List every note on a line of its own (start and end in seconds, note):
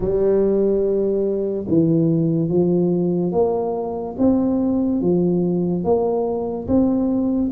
0.00 1.66 G3
1.68 2.48 E3
2.48 3.31 F3
3.32 4.15 A#3
4.18 5.01 C4
5.01 5.83 F3
5.83 6.67 A#3
6.67 7.50 C4